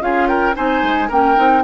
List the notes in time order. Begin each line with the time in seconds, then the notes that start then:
0.00 C#4 F4 G#4 F5
0.27 A#4 G5
0.54 C4 D#4 C5 G#5
0.82 G#3
1.08 A#3 C#4 A#4 G5
1.35 C4 D#4